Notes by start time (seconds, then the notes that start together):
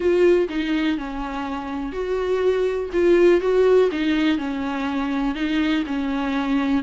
0.00 F4
0.49 D#4
0.97 C#4
1.92 F#4
2.92 F4
3.41 F#4
3.91 D#4
4.38 C#4
5.34 D#4
5.86 C#4